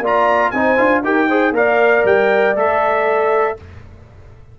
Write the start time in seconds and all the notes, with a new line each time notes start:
0.00 A#3 F4 D5
0.06 A#5
0.51 C4 D#4 C5 G#5
0.78 D4 F4
1.04 D#4 G4 A#4 G5
1.29 G#4 C5
1.52 A#3 A#4 D5 F5
2.05 G3 G5
2.56 A3 A4 E5